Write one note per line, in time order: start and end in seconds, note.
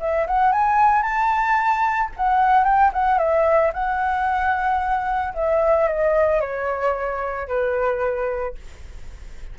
0.00 0.27 E5
0.27 0.52 F#5
0.52 1.03 G#5
1.03 2.10 A5
2.16 2.64 F#5
2.64 2.91 G5
2.93 3.18 F#5
3.18 3.72 E5
3.73 5.34 F#5
5.34 5.88 E5
5.88 6.41 D#5
6.41 7.48 C#5
7.48 8.55 B4